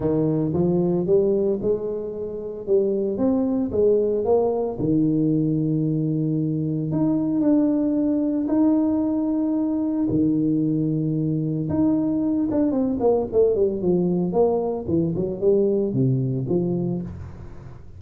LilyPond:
\new Staff \with { instrumentName = "tuba" } { \time 4/4 \tempo 4 = 113 dis4 f4 g4 gis4~ | gis4 g4 c'4 gis4 | ais4 dis2.~ | dis4 dis'4 d'2 |
dis'2. dis4~ | dis2 dis'4. d'8 | c'8 ais8 a8 g8 f4 ais4 | e8 fis8 g4 c4 f4 | }